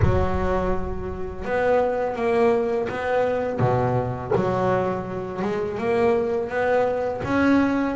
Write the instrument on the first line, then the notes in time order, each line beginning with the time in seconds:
double bass
0.02 F#3
1.45 B3
2.15 A#3
2.88 B3
3.59 B2
4.35 F#3
5.42 G#3
5.78 A#3
6.49 B3
7.24 C#4